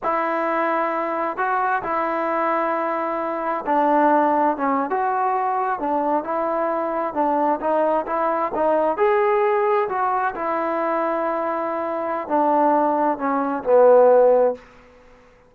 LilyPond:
\new Staff \with { instrumentName = "trombone" } { \time 4/4 \tempo 4 = 132 e'2. fis'4 | e'1 | d'2 cis'8. fis'4~ fis'16~ | fis'8. d'4 e'2 d'16~ |
d'8. dis'4 e'4 dis'4 gis'16~ | gis'4.~ gis'16 fis'4 e'4~ e'16~ | e'2. d'4~ | d'4 cis'4 b2 | }